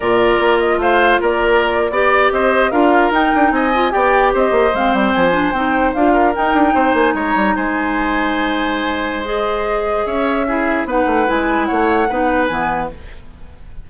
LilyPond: <<
  \new Staff \with { instrumentName = "flute" } { \time 4/4 \tempo 4 = 149 d''4. dis''8 f''4 d''4~ | d''4.~ d''16 dis''4 f''4 g''16~ | g''8. gis''4 g''4 dis''4 f''16~ | f''16 g''8 gis''4 g''4 f''4 g''16~ |
g''4~ g''16 gis''8 ais''4 gis''4~ gis''16~ | gis''2. dis''4~ | dis''4 e''2 fis''4 | gis''4 fis''2 gis''4 | }
  \new Staff \with { instrumentName = "oboe" } { \time 4/4 ais'2 c''4 ais'4~ | ais'8. d''4 c''4 ais'4~ ais'16~ | ais'8. dis''4 d''4 c''4~ c''16~ | c''2.~ c''16 ais'8.~ |
ais'8. c''4 cis''4 c''4~ c''16~ | c''1~ | c''4 cis''4 gis'4 b'4~ | b'4 cis''4 b'2 | }
  \new Staff \with { instrumentName = "clarinet" } { \time 4/4 f'1~ | f'8. g'2 f'4 dis'16~ | dis'4~ dis'16 f'8 g'2 c'16~ | c'4~ c'16 d'8 dis'4 f'4 dis'16~ |
dis'1~ | dis'2. gis'4~ | gis'2 e'4 dis'4 | e'2 dis'4 b4 | }
  \new Staff \with { instrumentName = "bassoon" } { \time 4/4 ais,4 ais4 a4 ais4~ | ais8. b4 c'4 d'4 dis'16~ | dis'16 d'8 c'4 b4 c'8 ais8 gis16~ | gis16 g8 f4 c'4 d'4 dis'16~ |
dis'16 d'8 c'8 ais8 gis8 g8 gis4~ gis16~ | gis1~ | gis4 cis'2 b8 a8 | gis4 a4 b4 e4 | }
>>